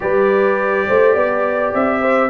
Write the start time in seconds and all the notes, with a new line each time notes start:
0.00 G3 G4 B4 D5
0.87 A3 C5
1.13 B3 D5
1.73 C4 E5
2.01 C5